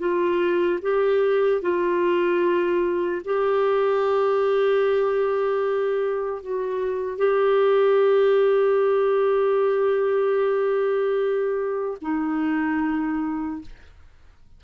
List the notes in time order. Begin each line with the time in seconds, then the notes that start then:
0.00 F4
0.82 G4
1.62 F4
3.25 G4
6.43 F#4
7.18 G4
12.02 D#4